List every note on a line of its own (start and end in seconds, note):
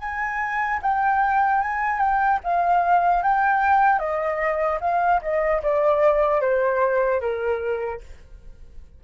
0.00 0.80 G#5
0.83 1.62 G5
1.62 2.00 G#5
2.00 2.40 G5
2.44 3.23 F5
3.23 3.99 G5
3.99 4.79 D#5
4.81 5.21 F5
5.22 5.62 D#5
5.63 6.41 D5
6.41 7.21 C5
7.21 8.01 A#4